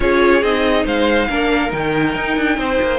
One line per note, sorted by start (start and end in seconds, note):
0.00 0.42 C#4
0.00 0.43 F4
0.00 0.85 G#4
0.00 0.42 C#5
0.42 0.85 C4
0.42 1.29 D#4
0.42 0.85 D#5
0.85 1.28 G#3
0.85 1.27 C5
0.85 1.71 F5
1.28 1.72 A#3
1.28 1.70 D4
1.28 2.57 A#4
1.70 2.15 D#3
1.70 2.98 D#4
1.70 2.98 G5
2.15 2.36 D#4
2.37 2.57 D4
2.57 2.78 C4
2.57 2.98 C5
2.81 2.98 A#3